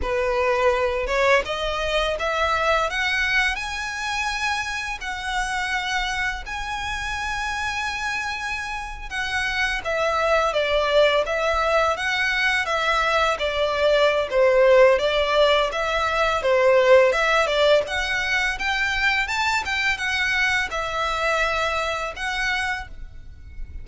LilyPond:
\new Staff \with { instrumentName = "violin" } { \time 4/4 \tempo 4 = 84 b'4. cis''8 dis''4 e''4 | fis''4 gis''2 fis''4~ | fis''4 gis''2.~ | gis''8. fis''4 e''4 d''4 e''16~ |
e''8. fis''4 e''4 d''4~ d''16 | c''4 d''4 e''4 c''4 | e''8 d''8 fis''4 g''4 a''8 g''8 | fis''4 e''2 fis''4 | }